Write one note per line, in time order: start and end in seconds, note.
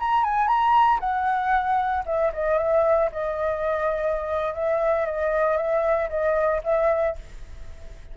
0.00 0.24 A#5
0.24 0.48 G#5
0.48 1.00 A#5
1.00 2.04 F#5
2.06 2.32 E5
2.33 2.58 D#5
2.58 3.10 E5
3.12 4.55 D#5
4.55 5.06 E5
5.06 5.58 D#5
5.58 6.10 E5
6.10 6.62 D#5
6.64 7.16 E5